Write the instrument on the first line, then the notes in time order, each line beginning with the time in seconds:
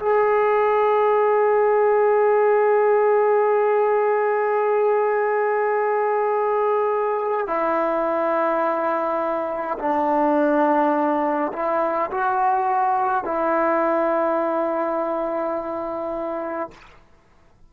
trombone
0.00 G#4
7.47 E4
9.79 D4
11.53 E4
12.12 F#4
13.25 E4